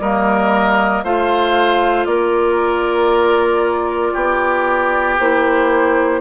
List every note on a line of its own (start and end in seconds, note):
0.00 1.03 G3
0.00 1.05 A#3
0.00 1.04 A#4
0.00 1.04 D#5
1.04 2.06 A3
1.04 5.19 F4
1.04 2.08 C5
1.04 2.05 F5
2.05 4.13 A#3
2.05 4.13 A#4
2.05 5.16 D5
4.13 5.19 B3
4.13 6.20 G4
5.19 6.21 A#3
5.19 6.21 E4
5.19 6.21 C5